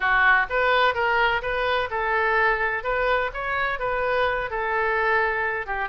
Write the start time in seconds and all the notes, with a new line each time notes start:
0.00 F#4
0.49 B4
0.94 A#4
1.42 B4
1.90 A4
2.83 B4
3.33 C#5
3.79 B4
4.50 A4
5.66 G4